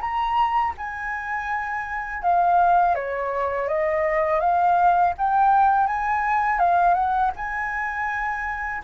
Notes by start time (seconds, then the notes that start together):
0.00 A#5
0.77 G#5
2.22 F5
2.94 C#5
3.68 D#5
4.40 F5
5.17 G5
5.87 G#5
6.59 F5
6.94 F#5
7.36 G#5